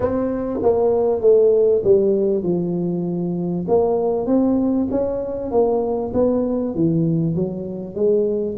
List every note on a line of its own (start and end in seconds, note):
0.00 0.60 C4
0.62 1.21 A#3
1.21 1.82 A3
1.83 2.43 G3
2.43 3.65 F3
3.67 4.26 A#3
4.26 4.87 C4
4.90 5.51 C#4
5.51 6.12 A#3
6.13 6.74 B3
6.74 7.35 E3
7.35 7.95 F#3
7.95 8.56 G#3